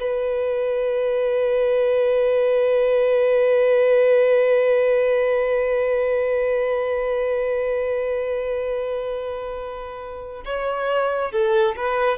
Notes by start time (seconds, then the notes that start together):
0.00 B4
10.45 C#5
11.32 A4
11.76 B4